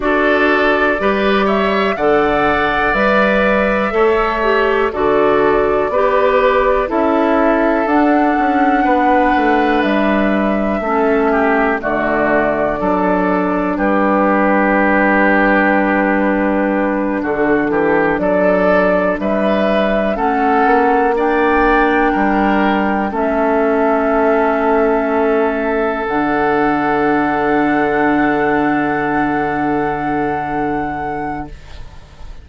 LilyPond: <<
  \new Staff \with { instrumentName = "flute" } { \time 4/4 \tempo 4 = 61 d''4. e''8 fis''4 e''4~ | e''4 d''2 e''4 | fis''2 e''2 | d''2 b'2~ |
b'4. a'4 d''4 e''8~ | e''8 fis''4 g''2 e''8~ | e''2~ e''8 fis''4.~ | fis''1 | }
  \new Staff \with { instrumentName = "oboe" } { \time 4/4 a'4 b'8 cis''8 d''2 | cis''4 a'4 b'4 a'4~ | a'4 b'2 a'8 g'8 | fis'4 a'4 g'2~ |
g'4. fis'8 g'8 a'4 b'8~ | b'8 a'4 d''4 ais'4 a'8~ | a'1~ | a'1 | }
  \new Staff \with { instrumentName = "clarinet" } { \time 4/4 fis'4 g'4 a'4 b'4 | a'8 g'8 fis'4 g'4 e'4 | d'2. cis'4 | a4 d'2.~ |
d'1~ | d'8 cis'4 d'2 cis'8~ | cis'2~ cis'8 d'4.~ | d'1 | }
  \new Staff \with { instrumentName = "bassoon" } { \time 4/4 d'4 g4 d4 g4 | a4 d4 b4 cis'4 | d'8 cis'8 b8 a8 g4 a4 | d4 fis4 g2~ |
g4. d8 e8 fis4 g8~ | g8 a8 ais4. g4 a8~ | a2~ a8 d4.~ | d1 | }
>>